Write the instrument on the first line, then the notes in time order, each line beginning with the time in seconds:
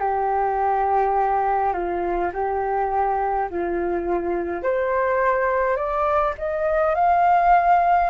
flute
0.00 G4
1.73 F4
2.33 G4
3.50 F4
4.63 C5
5.76 D5
6.38 D#5
6.95 F5